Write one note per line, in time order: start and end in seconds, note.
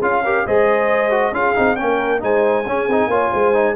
0.00 0.46 C#4
0.00 0.24 F4
0.00 0.22 G#4
0.00 0.47 F5
0.24 0.48 G4
0.24 0.45 A#4
0.45 1.32 G#3
0.45 1.11 G#4
0.45 1.34 C5
0.45 1.35 D#5
1.11 1.33 F#4
1.32 1.54 C#4
1.32 1.56 F4
1.32 1.78 G#4
1.32 1.76 F5
1.56 1.81 C4
1.56 1.77 D#4
1.76 2.23 A#3
1.76 2.20 C#4
1.76 2.23 A#4
1.76 2.20 G5
2.20 2.67 G#3
2.20 2.65 D#4
2.20 2.67 C5
2.20 3.76 G#5
2.67 2.88 C#4
2.67 2.90 C#4
2.67 3.10 G#4
2.88 3.07 C4
2.88 3.11 D#4
3.07 3.29 A#3
3.07 3.54 F4
3.07 3.32 C#5
3.32 3.76 G#3
3.32 3.76 C5
3.54 3.76 D#4